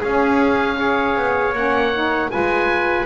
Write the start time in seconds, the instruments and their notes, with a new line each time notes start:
0.00 saxophone C#4, double bass C#4, trumpet G#4, oboe F5
0.77 saxophone G#4, trumpet C#5
1.16 double bass B3
1.52 double bass A#3, saxophone C#4, oboe F#5
1.94 saxophone D#4
2.29 double bass G#3, saxophone F4, trumpet B4, oboe G#5